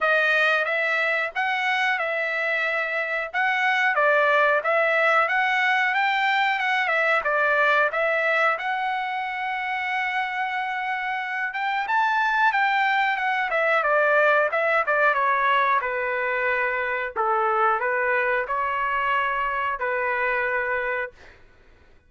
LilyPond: \new Staff \with { instrumentName = "trumpet" } { \time 4/4 \tempo 4 = 91 dis''4 e''4 fis''4 e''4~ | e''4 fis''4 d''4 e''4 | fis''4 g''4 fis''8 e''8 d''4 | e''4 fis''2.~ |
fis''4. g''8 a''4 g''4 | fis''8 e''8 d''4 e''8 d''8 cis''4 | b'2 a'4 b'4 | cis''2 b'2 | }